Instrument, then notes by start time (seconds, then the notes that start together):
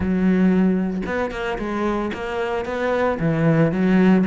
cello
0.00 F#3
1.05 B3
1.31 A#3
1.58 G#3
2.13 A#3
2.65 B3
3.19 E3
3.72 F#3